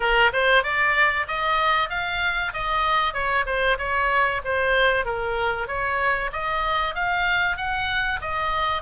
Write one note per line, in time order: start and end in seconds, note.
0.00 0.31 A#4
0.32 0.63 C5
0.63 1.26 D5
1.27 1.89 D#5
1.89 2.53 F5
2.53 3.13 D#5
3.13 3.44 C#5
3.46 3.77 C5
3.78 4.41 C#5
4.44 5.05 C5
5.05 5.67 A#4
5.67 6.30 C#5
6.32 6.94 D#5
6.94 7.56 F5
7.56 8.20 F#5
8.21 8.82 D#5